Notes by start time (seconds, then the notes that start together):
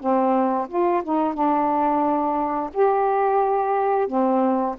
0.00 C4
0.69 F4
1.04 D#4
1.34 D4
2.74 G4
4.08 C4